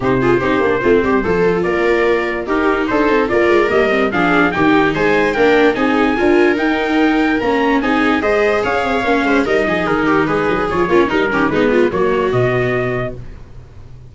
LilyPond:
<<
  \new Staff \with { instrumentName = "trumpet" } { \time 4/4 \tempo 4 = 146 c''1 | d''2 ais'4 c''4 | d''4 dis''4 f''4 g''4 | gis''4 g''4 gis''2 |
g''2 ais''4 gis''4 | dis''4 f''2 dis''4 | ais'4 b'4 cis''4 ais'4 | b'4 cis''4 dis''2 | }
  \new Staff \with { instrumentName = "viola" } { \time 4/4 g'8 gis'8 g'4 f'8 g'8 a'4 | ais'2 g'4 a'4 | ais'2 gis'4 g'4 | c''4 ais'4 gis'4 ais'4~ |
ais'2. gis'4 | c''4 cis''4. c''8 ais'8 gis'8~ | gis'8 g'8 gis'4. f'8 dis'8 g'8 | dis'8 f'8 fis'2. | }
  \new Staff \with { instrumentName = "viola" } { \time 4/4 dis'8 f'8 dis'8 d'8 c'4 f'4~ | f'2 dis'2 | f'4 ais8 c'8 d'4 dis'4~ | dis'4 d'4 dis'4 f'4 |
dis'2 cis'4 dis'4 | gis'2 cis'4 dis'4~ | dis'2 f'8 cis'8 dis'8 cis'8 | b4 ais4 b2 | }
  \new Staff \with { instrumentName = "tuba" } { \time 4/4 c4 c'8 ais8 a8 g8 f4 | ais2 dis'4 d'8 c'8 | ais8 gis8 g4 f4 dis4 | gis4 ais4 c'4 d'4 |
dis'2 ais4 c'4 | gis4 cis'8 c'8 ais8 gis8 g8 f8 | dis4 gis8 fis8 f8 ais8 g8 dis8 | gis4 fis4 b,2 | }
>>